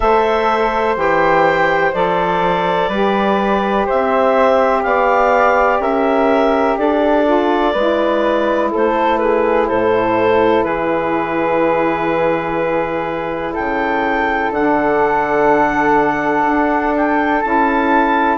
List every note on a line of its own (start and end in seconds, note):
0.00 0.96 A3
0.00 0.95 A4
0.00 2.89 C5
0.00 0.97 E5
0.95 1.93 E3
0.95 1.92 G4
0.95 1.93 G5
1.93 2.88 F3
1.93 2.91 A4
1.93 3.87 D5
2.88 3.85 G3
2.88 7.24 G4
2.88 3.85 B4
3.85 4.82 C5
3.85 4.82 E5
3.92 4.84 C4
4.82 5.79 B3
4.82 5.81 D5
4.82 5.79 F5
5.79 6.76 C#4
5.79 6.78 A#4
5.79 6.77 E5
6.77 7.75 D4
6.77 7.72 A4
6.77 8.71 D5
7.24 7.73 F4
7.72 8.72 G#3
7.72 14.53 E4
7.72 8.69 B4
8.71 9.70 A3
8.71 9.19 A4
8.71 9.18 C5
9.18 9.69 G#4
9.18 9.66 B4
9.67 10.64 A2
9.67 10.65 A4
9.67 10.63 C5
10.63 13.54 E3
10.63 13.53 G#4
10.63 13.53 B4
13.53 14.50 C#3
13.53 18.37 A4
13.53 14.51 G5
14.50 16.43 D3
14.50 17.43 D4
14.50 16.95 F#5
16.46 17.43 D4
16.95 17.41 G5
17.41 18.37 C#4
17.41 18.37 E4
17.41 18.37 A5